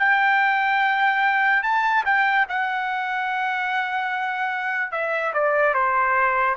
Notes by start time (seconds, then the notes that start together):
0.00 G5
1.63 A5
2.06 G5
2.50 F#5
4.92 E5
5.34 D5
5.74 C5